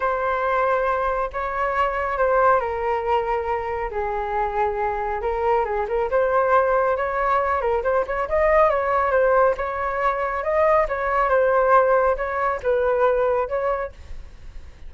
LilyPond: \new Staff \with { instrumentName = "flute" } { \time 4/4 \tempo 4 = 138 c''2. cis''4~ | cis''4 c''4 ais'2~ | ais'4 gis'2. | ais'4 gis'8 ais'8 c''2 |
cis''4. ais'8 c''8 cis''8 dis''4 | cis''4 c''4 cis''2 | dis''4 cis''4 c''2 | cis''4 b'2 cis''4 | }